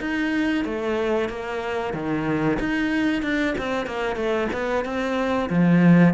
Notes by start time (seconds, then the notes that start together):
0.00 D#4
0.65 A3
1.29 A#3
1.93 D#3
2.59 D#4
3.22 D4
3.58 C4
3.86 A#3
4.16 A3
4.52 B3
4.84 C4
5.50 F3